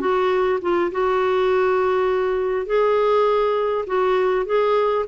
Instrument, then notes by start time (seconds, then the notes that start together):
clarinet
0.00 F#4
0.61 F4
0.91 F#4
2.66 G#4
3.87 F#4
4.46 G#4